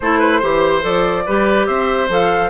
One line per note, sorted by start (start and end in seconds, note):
0.00 0.42 A3
0.00 0.41 E4
0.00 0.18 A4
0.00 0.84 C5
0.18 0.39 B4
0.39 0.83 E3
0.39 0.81 G4
0.39 1.23 C5
0.81 1.25 F3
0.81 1.23 A4
0.81 1.66 D5
1.25 1.67 G3
1.25 2.09 G4
1.25 1.67 B4
1.66 2.08 C4
1.66 2.50 C5
1.66 2.08 E5
2.08 2.50 F3
2.08 2.50 A4
2.08 2.50 F5